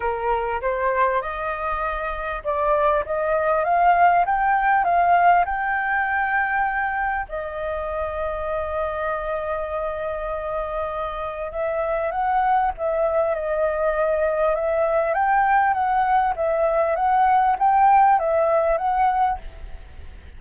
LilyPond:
\new Staff \with { instrumentName = "flute" } { \time 4/4 \tempo 4 = 99 ais'4 c''4 dis''2 | d''4 dis''4 f''4 g''4 | f''4 g''2. | dis''1~ |
dis''2. e''4 | fis''4 e''4 dis''2 | e''4 g''4 fis''4 e''4 | fis''4 g''4 e''4 fis''4 | }